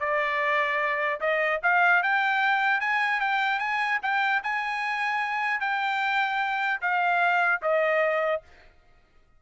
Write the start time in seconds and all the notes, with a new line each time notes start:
0.00 D5
1.20 D#5
1.63 F5
2.03 G5
2.80 G#5
3.20 G5
3.59 G#5
4.02 G5
4.43 G#5
5.60 G5
6.81 F5
7.62 D#5